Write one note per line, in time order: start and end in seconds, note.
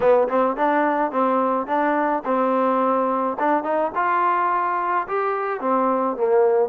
0.00 0.28 B3
0.28 0.56 C4
0.56 1.11 D4
1.11 1.67 C4
1.67 2.23 D4
2.25 3.37 C4
3.39 3.63 D4
3.63 3.91 D#4
3.95 5.07 F4
5.07 5.60 G4
5.60 6.16 C4
6.16 6.69 A#3